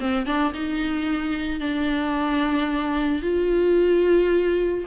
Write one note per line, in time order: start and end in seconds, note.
0.00 0.26 C4
0.26 0.53 D4
0.54 1.60 D#4
1.60 3.22 D4
3.22 4.84 F4